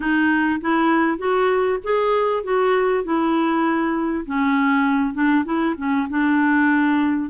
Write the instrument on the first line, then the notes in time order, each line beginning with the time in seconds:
clarinet
0.00 D#4
0.60 E4
1.17 F#4
1.83 G#4
2.43 F#4
3.03 E4
4.26 C#4
5.14 D4
5.44 E4
5.77 C#4
6.09 D4